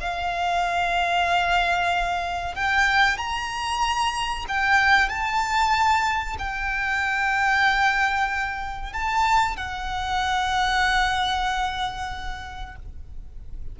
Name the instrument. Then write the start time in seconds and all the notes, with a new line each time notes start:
violin
0.00 F5
2.55 G5
3.18 A#5
4.48 G5
5.09 A5
6.39 G5
8.93 A5
9.57 F#5